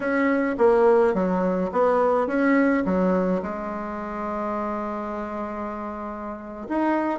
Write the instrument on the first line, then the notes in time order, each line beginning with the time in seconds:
bassoon
0.00 C#4
0.58 A#3
1.14 F#3
1.72 B3
2.27 C#4
2.85 F#3
3.42 G#3
6.68 D#4